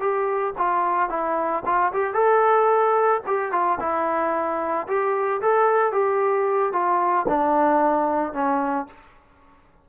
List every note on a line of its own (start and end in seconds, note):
0.00 0.54 G4
0.58 1.10 F4
1.10 1.63 E4
1.65 1.92 F4
1.93 2.14 G4
2.14 3.21 A4
3.27 3.52 G4
3.52 3.79 F4
3.80 4.87 E4
4.87 5.41 G4
5.42 5.92 A4
5.92 6.73 G4
6.73 7.26 F4
7.29 8.33 D4
8.33 8.87 C#4